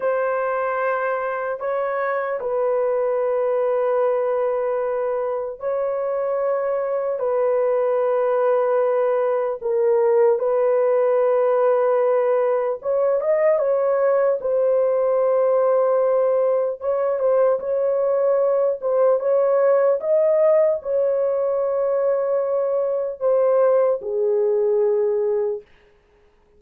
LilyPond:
\new Staff \with { instrumentName = "horn" } { \time 4/4 \tempo 4 = 75 c''2 cis''4 b'4~ | b'2. cis''4~ | cis''4 b'2. | ais'4 b'2. |
cis''8 dis''8 cis''4 c''2~ | c''4 cis''8 c''8 cis''4. c''8 | cis''4 dis''4 cis''2~ | cis''4 c''4 gis'2 | }